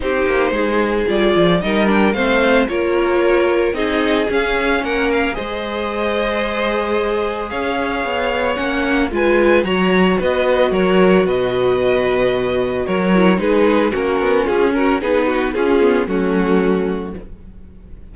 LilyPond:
<<
  \new Staff \with { instrumentName = "violin" } { \time 4/4 \tempo 4 = 112 c''2 d''4 dis''8 g''8 | f''4 cis''2 dis''4 | f''4 fis''8 f''8 dis''2~ | dis''2 f''2 |
fis''4 gis''4 ais''4 dis''4 | cis''4 dis''2. | cis''4 b'4 ais'4 gis'8 ais'8 | b'4 gis'4 fis'2 | }
  \new Staff \with { instrumentName = "violin" } { \time 4/4 g'4 gis'2 ais'4 | c''4 ais'2 gis'4~ | gis'4 ais'4 c''2~ | c''2 cis''2~ |
cis''4 b'4 cis''4 b'4 | ais'4 b'2. | ais'4 gis'4 fis'4 f'8 fis'8 | gis'8 fis'8 f'4 cis'2 | }
  \new Staff \with { instrumentName = "viola" } { \time 4/4 dis'2 f'4 dis'8 d'8 | c'4 f'2 dis'4 | cis'2 gis'2~ | gis'1 |
cis'4 f'4 fis'2~ | fis'1~ | fis'8 e'8 dis'4 cis'2 | dis'4 cis'8 b8 a2 | }
  \new Staff \with { instrumentName = "cello" } { \time 4/4 c'8 ais8 gis4 g8 f8 g4 | a4 ais2 c'4 | cis'4 ais4 gis2~ | gis2 cis'4 b4 |
ais4 gis4 fis4 b4 | fis4 b,2. | fis4 gis4 ais8 b8 cis'4 | b4 cis'4 fis2 | }
>>